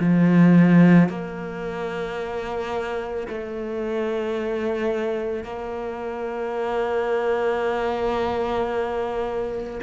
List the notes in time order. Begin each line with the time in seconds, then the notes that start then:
0.00 F3
1.09 A#3
3.28 A3
5.44 A#3